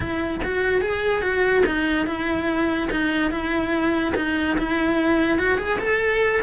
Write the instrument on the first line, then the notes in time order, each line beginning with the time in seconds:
cello
0.00 E4
0.43 F#4
0.81 G#4
1.22 F#4
1.66 D#4
2.06 E4
2.90 D#4
3.30 E4
4.15 D#4
4.58 E4
5.38 F#4
5.58 G#4
5.79 A4